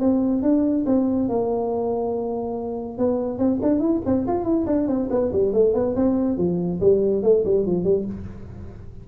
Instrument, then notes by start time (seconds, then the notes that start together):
tuba
0.00 C4
0.43 D4
0.86 C4
1.29 A#3
2.98 B3
3.38 C4
3.62 D4
3.80 E4
4.06 C4
4.27 F4
4.44 E4
4.67 D4
4.88 C4
5.11 B3
5.32 G3
5.53 A3
5.74 B3
5.96 C4
6.38 F3
6.80 G3
7.23 A3
7.45 G3
7.66 F3
7.84 G3